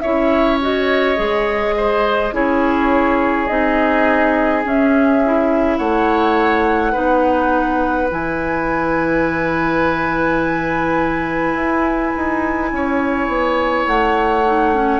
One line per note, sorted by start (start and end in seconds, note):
0.00 1.19 C#4
0.00 0.61 E4
0.00 1.75 C#5
0.00 0.58 E5
0.61 1.16 F#4
0.61 2.35 D#5
1.16 2.31 G#3
1.16 2.31 G#4
1.77 2.34 C5
2.31 3.47 C#4
2.31 3.48 E4
2.31 5.78 G#4
2.31 3.47 C#5
3.47 4.65 C4
3.47 4.64 D#4
3.47 4.62 D#5
4.64 5.22 C#4
4.64 5.79 C#4
4.64 5.78 E5
5.25 6.93 E4
5.78 6.94 A3
5.78 6.92 C#5
5.78 8.08 F#5
6.92 8.11 B3
6.92 8.08 D#4
6.92 12.69 B4
8.10 11.55 E3
8.10 14.44 E4
8.10 13.87 G#5
11.55 12.12 E4
12.16 12.72 D#4
12.72 13.28 C#4
12.72 15.00 C#5
13.28 13.85 B3
13.87 15.00 A3
13.87 15.00 F#5
14.45 14.74 D#4
14.74 15.00 C#4